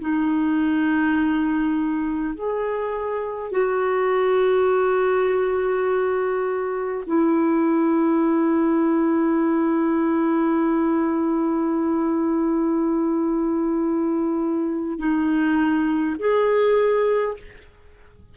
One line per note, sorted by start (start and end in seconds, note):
0.00 2.35 D#4
2.35 3.51 G#4
3.51 7.04 F#4
7.06 14.99 E4
14.99 16.17 D#4
16.19 17.37 G#4